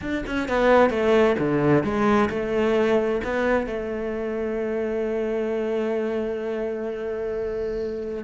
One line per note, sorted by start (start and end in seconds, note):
0.01 0.24 D4
0.26 0.48 C#4
0.48 0.90 B3
0.90 1.35 A3
1.38 1.83 D3
1.83 2.29 G#3
2.29 3.21 A3
3.24 3.66 B3
3.66 8.24 A3